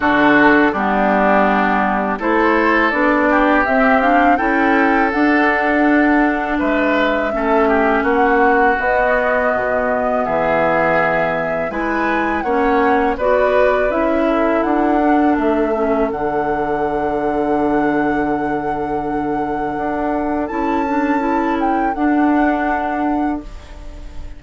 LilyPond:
<<
  \new Staff \with { instrumentName = "flute" } { \time 4/4 \tempo 4 = 82 a'4 g'2 c''4 | d''4 e''8 f''8 g''4 fis''4~ | fis''4 e''2 fis''4 | dis''2 e''2 |
gis''4 fis''4 d''4 e''4 | fis''4 e''4 fis''2~ | fis''1 | a''4. g''8 fis''2 | }
  \new Staff \with { instrumentName = "oboe" } { \time 4/4 fis'4 d'2 a'4~ | a'8 g'4. a'2~ | a'4 b'4 a'8 g'8 fis'4~ | fis'2 gis'2 |
b'4 cis''4 b'4. a'8~ | a'1~ | a'1~ | a'1 | }
  \new Staff \with { instrumentName = "clarinet" } { \time 4/4 d'4 b2 e'4 | d'4 c'8 d'8 e'4 d'4~ | d'2 cis'2 | b1 |
e'4 cis'4 fis'4 e'4~ | e'8 d'4 cis'8 d'2~ | d'1 | e'8 d'8 e'4 d'2 | }
  \new Staff \with { instrumentName = "bassoon" } { \time 4/4 d4 g2 a4 | b4 c'4 cis'4 d'4~ | d'4 gis4 a4 ais4 | b4 b,4 e2 |
gis4 ais4 b4 cis'4 | d'4 a4 d2~ | d2. d'4 | cis'2 d'2 | }
>>